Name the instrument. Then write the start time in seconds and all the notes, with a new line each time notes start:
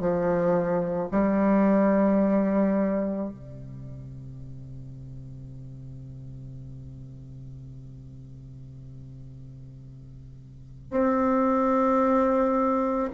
bassoon
0.00 F3
1.11 G3
3.29 C3
10.91 C4